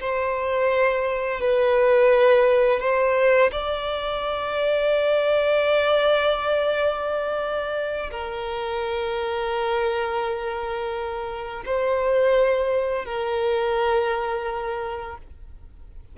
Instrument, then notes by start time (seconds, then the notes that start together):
violin
0.00 C5
1.41 B4
2.80 C5
3.52 D5
8.11 A#4
11.66 C5
13.06 A#4